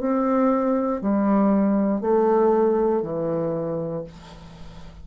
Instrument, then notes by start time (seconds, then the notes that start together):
bassoon
0.00 C4
1.02 G3
2.01 A3
3.02 E3